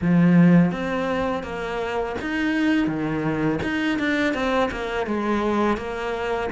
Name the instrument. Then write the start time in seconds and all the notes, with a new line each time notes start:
cello
0.01 F3
0.71 C4
1.43 A#3
2.20 D#4
2.87 D#3
3.62 D#4
3.99 D4
4.33 C4
4.71 A#3
5.06 G#3
5.77 A#3